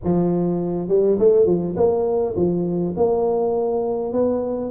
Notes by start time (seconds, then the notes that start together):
0.04 F3
0.88 G3
1.18 A3
1.46 F3
1.76 A#3
2.36 F3
2.96 A#3
4.13 B3